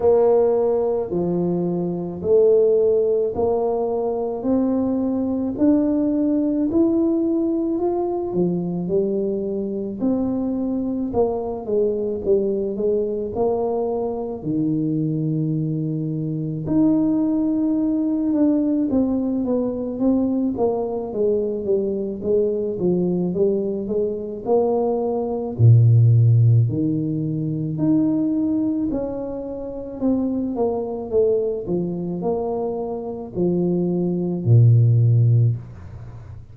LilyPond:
\new Staff \with { instrumentName = "tuba" } { \time 4/4 \tempo 4 = 54 ais4 f4 a4 ais4 | c'4 d'4 e'4 f'8 f8 | g4 c'4 ais8 gis8 g8 gis8 | ais4 dis2 dis'4~ |
dis'8 d'8 c'8 b8 c'8 ais8 gis8 g8 | gis8 f8 g8 gis8 ais4 ais,4 | dis4 dis'4 cis'4 c'8 ais8 | a8 f8 ais4 f4 ais,4 | }